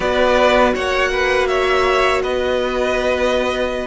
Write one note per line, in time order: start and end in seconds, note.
0.00 0.74 B3
0.00 3.87 F#4
0.00 0.73 B4
0.00 0.74 D5
0.73 2.23 A#3
0.73 1.10 C#5
0.73 1.47 F#5
1.11 1.48 B4
1.47 2.22 C#5
1.47 2.21 E5
2.22 3.87 B3
2.22 3.87 B4
2.22 3.87 D#5